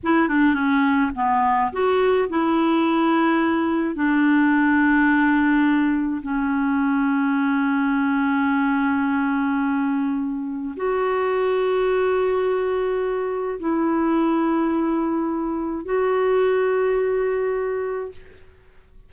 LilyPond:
\new Staff \with { instrumentName = "clarinet" } { \time 4/4 \tempo 4 = 106 e'8 d'8 cis'4 b4 fis'4 | e'2. d'4~ | d'2. cis'4~ | cis'1~ |
cis'2. fis'4~ | fis'1 | e'1 | fis'1 | }